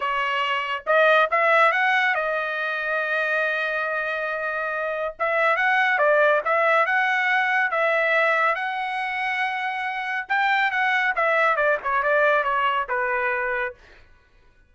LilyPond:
\new Staff \with { instrumentName = "trumpet" } { \time 4/4 \tempo 4 = 140 cis''2 dis''4 e''4 | fis''4 dis''2.~ | dis''1 | e''4 fis''4 d''4 e''4 |
fis''2 e''2 | fis''1 | g''4 fis''4 e''4 d''8 cis''8 | d''4 cis''4 b'2 | }